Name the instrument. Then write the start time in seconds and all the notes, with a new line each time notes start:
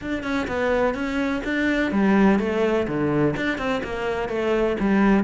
cello
0.01 D4
0.23 C#4
0.47 B3
0.94 C#4
1.44 D4
1.91 G3
2.39 A3
2.87 D3
3.36 D4
3.58 C4
3.83 A#3
4.28 A3
4.80 G3